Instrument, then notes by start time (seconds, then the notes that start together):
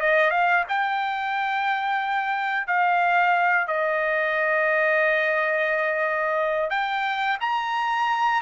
trumpet
0.00 D#5
0.30 F5
0.69 G5
2.67 F5
3.67 D#5
6.70 G5
7.40 A#5